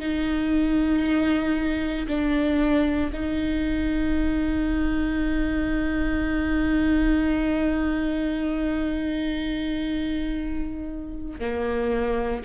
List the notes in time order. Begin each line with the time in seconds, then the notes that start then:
0.00 D#4
2.08 D4
3.13 D#4
11.40 A#3